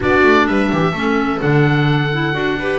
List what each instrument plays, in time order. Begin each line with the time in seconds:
0.00 double bass B3, clarinet D4, viola F#4, oboe D5
0.23 double bass A3
0.46 double bass G3, viola B4, oboe E5
0.71 double bass E3, viola G4
0.92 double bass A3, clarinet C#4, viola A4
1.39 double bass D3, clarinet D4, oboe F#5
2.12 clarinet E4
2.33 double bass D4, clarinet F#4
2.58 clarinet G4, viola B4